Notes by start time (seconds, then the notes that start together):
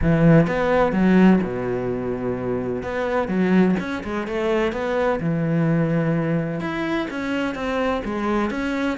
0.02 E3
0.47 B3
0.92 F#3
1.42 B2
2.83 B3
3.28 F#3
3.79 C#4
4.03 G#3
4.27 A3
4.72 B3
5.20 E3
6.60 E4
7.10 C#4
7.54 C4
8.04 G#3
8.50 C#4